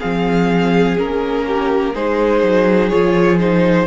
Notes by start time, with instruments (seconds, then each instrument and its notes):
0.00 cello F3, viola C4, violin G#4 F5
0.97 cello A#3, viola C#4, violin A#4
1.47 violin G4
1.95 cello G#3, viola D#4, violin G#4 C5
2.43 cello F#3
2.90 cello F3, viola F4, violin C#5
3.40 viola D#4, violin C5